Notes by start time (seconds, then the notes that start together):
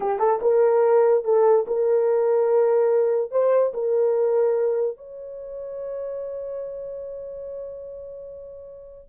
0.00 G4
0.19 A4
0.41 A#4
1.24 A4
1.67 A#4
3.31 C5
3.73 A#4
4.97 C#5